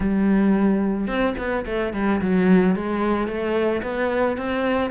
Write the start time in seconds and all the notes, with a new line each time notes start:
0.00 G3
1.07 C4
1.38 B3
1.65 A3
1.93 G3
2.21 F#3
2.75 G#3
3.27 A3
3.82 B3
4.37 C4